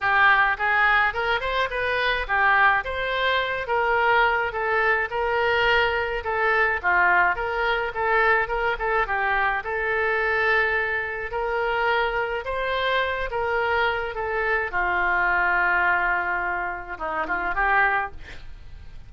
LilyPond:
\new Staff \with { instrumentName = "oboe" } { \time 4/4 \tempo 4 = 106 g'4 gis'4 ais'8 c''8 b'4 | g'4 c''4. ais'4. | a'4 ais'2 a'4 | f'4 ais'4 a'4 ais'8 a'8 |
g'4 a'2. | ais'2 c''4. ais'8~ | ais'4 a'4 f'2~ | f'2 dis'8 f'8 g'4 | }